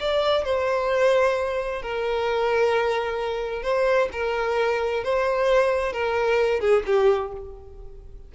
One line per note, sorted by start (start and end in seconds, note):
0.00 0.45 D5
0.45 1.82 C5
1.82 3.63 A#4
3.63 4.09 C5
4.13 5.04 A#4
5.04 5.93 C5
5.93 6.61 A#4
6.61 6.83 G#4
6.87 7.32 G4